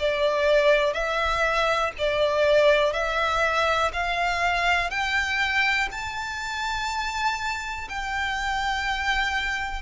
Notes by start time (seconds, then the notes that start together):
0.00 D5
0.94 E5
1.99 D5
2.93 E5
3.93 F5
4.90 G5
5.92 A5
7.89 G5